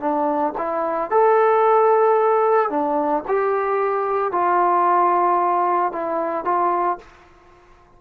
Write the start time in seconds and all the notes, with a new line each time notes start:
0.00 D4
0.58 E4
1.11 A4
2.70 D4
3.28 G4
4.32 F4
5.92 E4
6.45 F4